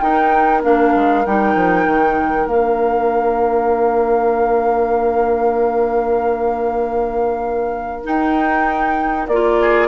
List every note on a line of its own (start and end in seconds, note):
0.00 0.62 D#4
0.00 0.64 D#4
0.00 9.62 A#4
0.00 0.62 G5
0.62 0.95 A#3
0.62 1.24 D4
0.62 1.26 F5
0.95 1.26 G#3
1.26 1.56 G3
1.26 2.51 D#4
1.26 2.47 G5
1.56 1.87 F3
1.87 2.47 D#3
2.47 8.03 A#3
2.47 8.04 D4
2.47 8.04 F5
8.04 9.28 D#4
8.04 9.28 G5
9.28 9.89 A#3
9.28 9.89 F4
9.28 9.89 D5
9.62 9.89 G#4